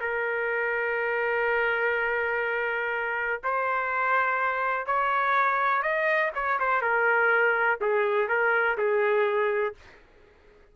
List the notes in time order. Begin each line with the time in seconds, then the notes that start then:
0.00 A#4
3.43 C5
4.86 C#5
5.82 D#5
6.35 C#5
6.59 C5
6.81 A#4
7.80 G#4
8.28 A#4
8.77 G#4